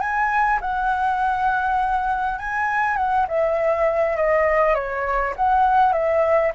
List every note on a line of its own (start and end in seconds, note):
0.00 0.59 G#5
0.61 2.39 F#5
2.39 2.96 G#5
2.96 3.26 F#5
3.28 4.17 E5
4.17 4.74 D#5
4.74 5.34 C#5
5.36 5.93 F#5
5.93 6.52 E5